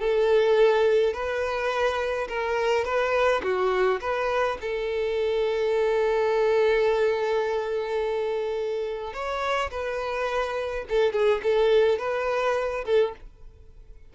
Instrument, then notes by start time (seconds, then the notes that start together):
violin
0.00 A4
1.14 B4
2.28 A#4
2.85 B4
3.43 F#4
4.01 B4
4.61 A4
9.14 C#5
9.71 B4
10.89 A4
11.13 G#4
11.43 A4
11.99 B4
12.85 A4